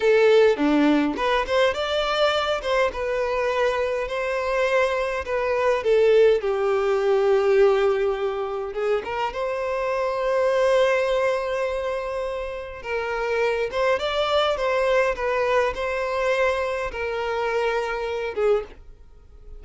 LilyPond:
\new Staff \with { instrumentName = "violin" } { \time 4/4 \tempo 4 = 103 a'4 d'4 b'8 c''8 d''4~ | d''8 c''8 b'2 c''4~ | c''4 b'4 a'4 g'4~ | g'2. gis'8 ais'8 |
c''1~ | c''2 ais'4. c''8 | d''4 c''4 b'4 c''4~ | c''4 ais'2~ ais'8 gis'8 | }